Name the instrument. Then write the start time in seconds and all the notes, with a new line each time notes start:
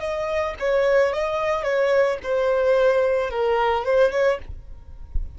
violin
0.00 D#5
0.60 C#5
1.13 D#5
1.63 C#5
2.23 C5
3.30 A#4
3.85 C5
4.12 C#5